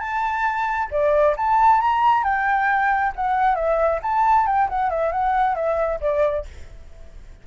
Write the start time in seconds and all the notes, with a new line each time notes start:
0.00 A5
0.91 D5
1.37 A5
1.81 A#5
2.24 G5
3.16 F#5
3.55 E5
4.02 A5
4.46 G5
4.69 F#5
4.90 E5
5.12 F#5
5.55 E5
6.01 D5